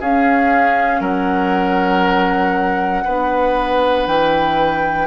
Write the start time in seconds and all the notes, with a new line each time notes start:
0.00 C#4 G#4 F5
1.01 F#3 A#4 F#5
3.05 B3 D4 B4
4.07 E3 G5